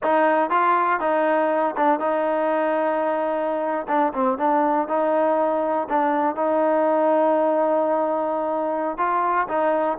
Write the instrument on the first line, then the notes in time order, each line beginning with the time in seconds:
trombone
0.03 D#4
0.50 F4
1.00 D#4
1.76 D4
1.99 D#4
3.88 D4
4.13 C4
4.38 D4
4.88 D#4
5.89 D4
6.35 D#4
8.97 F4
9.48 D#4